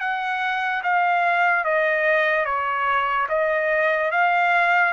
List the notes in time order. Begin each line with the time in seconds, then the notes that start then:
0.00 F#5
0.83 F5
1.64 D#5
2.45 C#5
3.29 D#5
4.11 F5